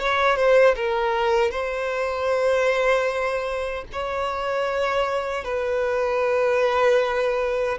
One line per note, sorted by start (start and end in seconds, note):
0.00 0.36 C#5
0.36 0.75 C5
0.76 1.51 A#4
1.51 3.85 C5
3.92 5.44 C#5
5.44 7.78 B4